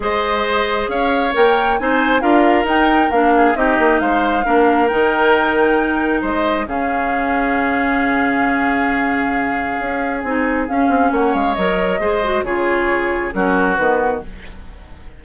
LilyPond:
<<
  \new Staff \with { instrumentName = "flute" } { \time 4/4 \tempo 4 = 135 dis''2 f''4 g''4 | gis''4 f''4 g''4 f''4 | dis''4 f''2 g''4~ | g''2 dis''4 f''4~ |
f''1~ | f''2. gis''4 | f''4 fis''8 f''8 dis''2 | cis''2 ais'4 b'4 | }
  \new Staff \with { instrumentName = "oboe" } { \time 4/4 c''2 cis''2 | c''4 ais'2~ ais'8 gis'8 | g'4 c''4 ais'2~ | ais'2 c''4 gis'4~ |
gis'1~ | gis'1~ | gis'4 cis''2 c''4 | gis'2 fis'2 | }
  \new Staff \with { instrumentName = "clarinet" } { \time 4/4 gis'2. ais'4 | dis'4 f'4 dis'4 d'4 | dis'2 d'4 dis'4~ | dis'2. cis'4~ |
cis'1~ | cis'2. dis'4 | cis'2 ais'4 gis'8 fis'8 | f'2 cis'4 b4 | }
  \new Staff \with { instrumentName = "bassoon" } { \time 4/4 gis2 cis'4 ais4 | c'4 d'4 dis'4 ais4 | c'8 ais8 gis4 ais4 dis4~ | dis2 gis4 cis4~ |
cis1~ | cis2 cis'4 c'4 | cis'8 c'8 ais8 gis8 fis4 gis4 | cis2 fis4 dis4 | }
>>